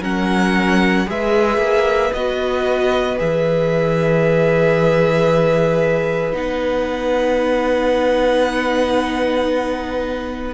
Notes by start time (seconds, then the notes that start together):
0.00 F#3 C#4 A#4 F#5
1.06 G#3 G#4 B4 E5
1.57 A#3
2.12 B3 F#4 D#5
3.16 E3 G#4 E5
6.31 B3 D#4 F#5